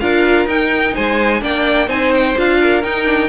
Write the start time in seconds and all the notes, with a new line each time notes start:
0.00 D4 F4 A#4 F5
0.46 D#4 G5
0.94 G#3 C5 G#5
1.40 A#3 D4 D5 G5
1.87 C4 D#4 C5 G#5
2.15 G5
2.36 D4 F4 F5
2.61 A#4
2.83 D#4 G5
3.05 D4